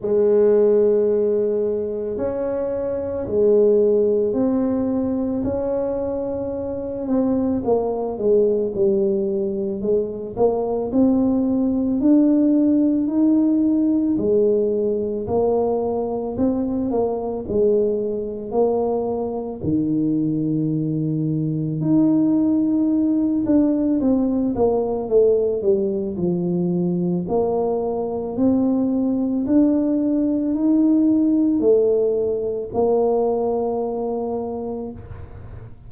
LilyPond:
\new Staff \with { instrumentName = "tuba" } { \time 4/4 \tempo 4 = 55 gis2 cis'4 gis4 | c'4 cis'4. c'8 ais8 gis8 | g4 gis8 ais8 c'4 d'4 | dis'4 gis4 ais4 c'8 ais8 |
gis4 ais4 dis2 | dis'4. d'8 c'8 ais8 a8 g8 | f4 ais4 c'4 d'4 | dis'4 a4 ais2 | }